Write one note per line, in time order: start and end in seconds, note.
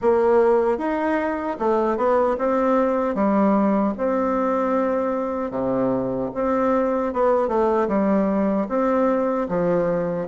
0.01 0.78 A#3
0.78 1.57 D#4
1.59 1.97 A3
1.97 2.36 B3
2.38 3.14 C4
3.14 3.93 G3
3.97 5.50 C4
5.50 6.29 C3
6.34 7.13 C4
7.13 7.47 B3
7.47 7.87 A3
7.88 8.67 G3
8.68 9.47 C4
9.48 10.27 F3